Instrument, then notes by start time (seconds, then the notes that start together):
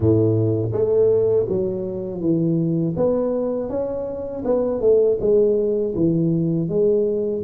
tuba
0.00 A2
0.72 A3
1.48 F#3
2.20 E3
2.96 B3
3.69 C#4
4.44 B3
4.80 A3
5.20 G#3
5.95 E3
6.68 G#3